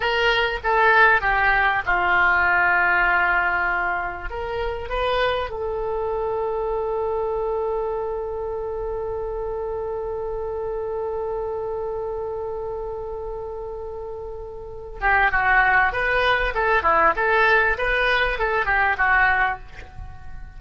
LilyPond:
\new Staff \with { instrumentName = "oboe" } { \time 4/4 \tempo 4 = 98 ais'4 a'4 g'4 f'4~ | f'2. ais'4 | b'4 a'2.~ | a'1~ |
a'1~ | a'1~ | a'8 g'8 fis'4 b'4 a'8 e'8 | a'4 b'4 a'8 g'8 fis'4 | }